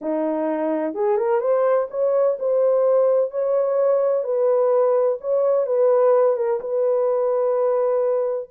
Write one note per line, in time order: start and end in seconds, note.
0.01 0.94 D#4
0.94 1.17 G#4
1.17 1.40 A#4
1.40 1.87 C5
1.90 2.37 C#5
2.39 3.30 C5
3.30 4.23 C#5
4.23 5.18 B4
5.20 5.66 C#5
5.66 6.36 B4
6.36 6.60 A#4
6.60 8.49 B4